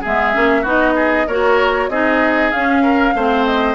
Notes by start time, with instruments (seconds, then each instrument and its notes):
0.00 bassoon G#3, clarinet B3, oboe G#4, flute E5
0.33 bassoon A#3, clarinet C#4
0.61 bassoon B3, clarinet D#4, oboe F#4
0.68 flute D#5
0.95 oboe G#4
1.27 bassoon A#3, clarinet F#4, oboe A#4, flute C#5
1.89 bassoon C4, clarinet D#4, oboe G#4, flute D#5
2.51 clarinet C#4, bassoon C#4, flute F5
2.82 oboe A#4
3.14 bassoon A3, clarinet C4, oboe C5
3.45 flute D#5